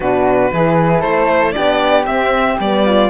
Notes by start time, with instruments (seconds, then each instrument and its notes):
0.00 cello B2, horn D4, flute F#4, violin B4
0.51 cello E3, horn E4, flute G#4
1.00 cello A3, flute A4, violin C5
1.52 cello B3, horn D4, flute G4, violin D5
2.06 cello C4, horn C4, violin E5
2.59 cello G3, horn B3, violin D5
2.85 flute F4